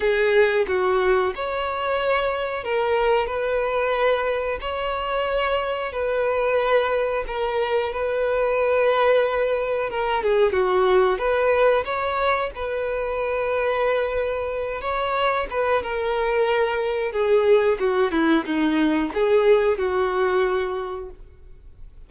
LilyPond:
\new Staff \with { instrumentName = "violin" } { \time 4/4 \tempo 4 = 91 gis'4 fis'4 cis''2 | ais'4 b'2 cis''4~ | cis''4 b'2 ais'4 | b'2. ais'8 gis'8 |
fis'4 b'4 cis''4 b'4~ | b'2~ b'8 cis''4 b'8 | ais'2 gis'4 fis'8 e'8 | dis'4 gis'4 fis'2 | }